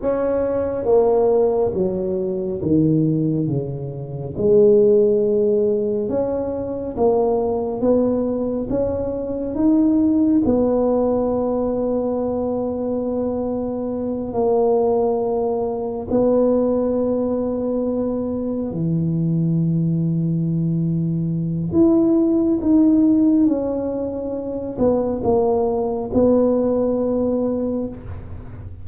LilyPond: \new Staff \with { instrumentName = "tuba" } { \time 4/4 \tempo 4 = 69 cis'4 ais4 fis4 dis4 | cis4 gis2 cis'4 | ais4 b4 cis'4 dis'4 | b1~ |
b8 ais2 b4.~ | b4. e2~ e8~ | e4 e'4 dis'4 cis'4~ | cis'8 b8 ais4 b2 | }